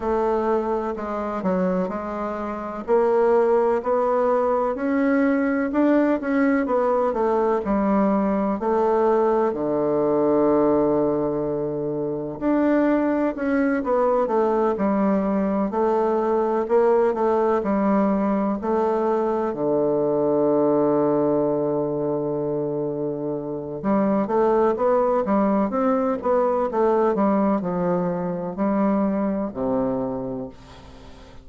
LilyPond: \new Staff \with { instrumentName = "bassoon" } { \time 4/4 \tempo 4 = 63 a4 gis8 fis8 gis4 ais4 | b4 cis'4 d'8 cis'8 b8 a8 | g4 a4 d2~ | d4 d'4 cis'8 b8 a8 g8~ |
g8 a4 ais8 a8 g4 a8~ | a8 d2.~ d8~ | d4 g8 a8 b8 g8 c'8 b8 | a8 g8 f4 g4 c4 | }